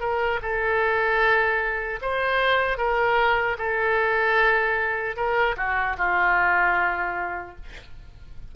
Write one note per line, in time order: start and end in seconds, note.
0.00 0.39 A#4
0.42 2.00 A4
2.01 2.77 C5
2.77 3.56 A#4
3.58 5.16 A4
5.16 5.56 A#4
5.57 5.96 F#4
5.97 7.55 F4